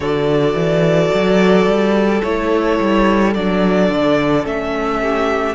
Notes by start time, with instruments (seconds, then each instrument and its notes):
0.00 cello D3, viola F#4, violin A4 D5
0.54 cello E3
1.14 cello F#3
1.66 cello G3
2.22 cello A3, viola E4, violin C#5
2.80 cello G3
3.34 cello F#3, viola D4, violin D5
3.90 cello D3
4.43 cello A3, viola C#4, violin E5
5.00 violin G4